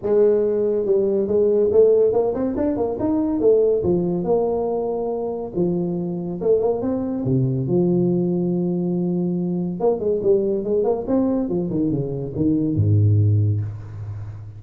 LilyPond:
\new Staff \with { instrumentName = "tuba" } { \time 4/4 \tempo 4 = 141 gis2 g4 gis4 | a4 ais8 c'8 d'8 ais8 dis'4 | a4 f4 ais2~ | ais4 f2 a8 ais8 |
c'4 c4 f2~ | f2. ais8 gis8 | g4 gis8 ais8 c'4 f8 dis8 | cis4 dis4 gis,2 | }